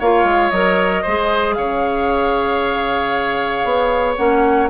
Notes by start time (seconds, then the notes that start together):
0.00 A#3 F4 C#5 F5
0.24 G#3
0.51 F#3 A#4 D#5
1.03 G#3 G#4 C5
1.53 C#3 C#5 F5
3.64 B3
4.16 A#3 C#4 F#5